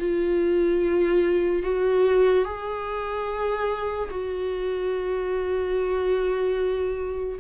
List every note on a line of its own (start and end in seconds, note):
0.00 1.63 F4
1.63 2.45 F#4
2.45 4.09 G#4
4.11 7.40 F#4